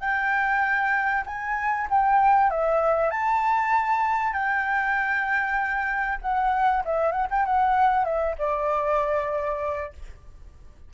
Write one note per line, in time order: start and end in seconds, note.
0.00 1.24 G5
1.26 1.88 G#5
1.90 2.50 G5
2.50 3.10 E5
3.10 4.33 A5
4.33 6.19 G5
6.21 6.83 F#5
6.85 7.12 E5
7.12 7.27 F#5
7.30 7.45 G5
7.45 8.05 F#5
8.05 8.36 E5
8.38 9.93 D5